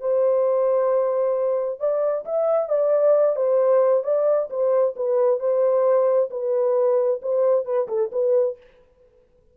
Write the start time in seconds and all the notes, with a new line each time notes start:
0.00 C5
1.80 D5
2.25 E5
2.69 D5
3.36 C5
4.04 D5
4.50 C5
4.96 B4
5.39 C5
6.30 B4
7.22 C5
7.65 B4
7.88 A4
8.12 B4